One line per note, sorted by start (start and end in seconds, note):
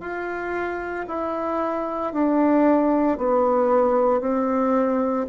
0.00 1.05 F4
1.08 2.13 E4
2.13 3.18 D4
3.18 4.21 B3
4.21 5.26 C4